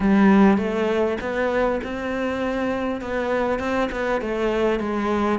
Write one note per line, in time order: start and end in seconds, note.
0.00 0.57 G3
0.57 1.17 A3
1.20 1.80 B3
1.83 3.01 C4
3.01 3.59 B3
3.59 3.89 C4
3.91 4.21 B3
4.21 4.79 A3
4.79 5.39 G#3